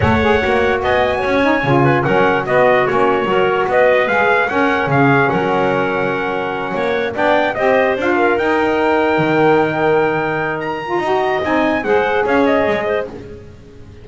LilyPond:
<<
  \new Staff \with { instrumentName = "trumpet" } { \time 4/4 \tempo 4 = 147 fis''2 gis''2~ | gis''4 fis''4 dis''4 cis''4~ | cis''4 dis''4 f''4 fis''4 | f''4 fis''2.~ |
fis''4. g''4 dis''4 f''8~ | f''8 g''2.~ g''8~ | g''2 ais''2 | gis''4 fis''4 f''8 dis''4. | }
  \new Staff \with { instrumentName = "clarinet" } { \time 4/4 cis''2 dis''4 cis''4~ | cis''8 b'8 ais'4 fis'2 | ais'4 b'2 ais'4 | gis'4 ais'2.~ |
ais'8 cis''4 d''4 c''4. | ais'1~ | ais'2. dis''4~ | dis''4 c''4 cis''4. c''8 | }
  \new Staff \with { instrumentName = "saxophone" } { \time 4/4 a'8 gis'8 fis'2~ fis'8 dis'8 | f'4 cis'4 b4 cis'4 | fis'2 gis'4 cis'4~ | cis'1~ |
cis'4. d'4 g'4 f'8~ | f'8 dis'2.~ dis'8~ | dis'2~ dis'8 f'8 fis'4 | dis'4 gis'2. | }
  \new Staff \with { instrumentName = "double bass" } { \time 4/4 a4 ais4 b4 cis'4 | cis4 fis4 b4 ais4 | fis4 b4 gis4 cis'4 | cis4 fis2.~ |
fis8 ais4 b4 c'4 d'8~ | d'8 dis'2 dis4.~ | dis2. dis'4 | c'4 gis4 cis'4 gis4 | }
>>